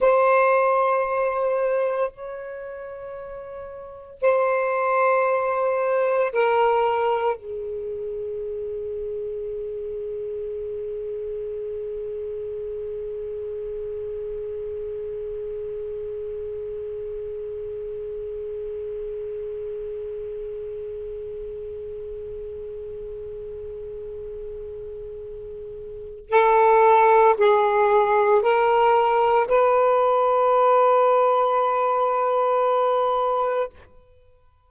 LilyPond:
\new Staff \with { instrumentName = "saxophone" } { \time 4/4 \tempo 4 = 57 c''2 cis''2 | c''2 ais'4 gis'4~ | gis'1~ | gis'1~ |
gis'1~ | gis'1~ | gis'4 a'4 gis'4 ais'4 | b'1 | }